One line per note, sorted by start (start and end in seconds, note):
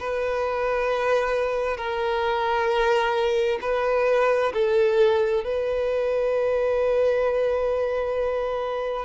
0.00 1.77 B4
1.77 3.59 A#4
3.62 4.53 B4
4.54 5.44 A4
5.44 9.05 B4